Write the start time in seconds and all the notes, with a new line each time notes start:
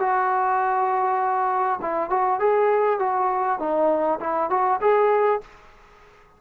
0.00 F#4
1.82 E4
2.10 F#4
2.39 G#4
2.99 F#4
3.59 D#4
4.20 E4
4.50 F#4
4.81 G#4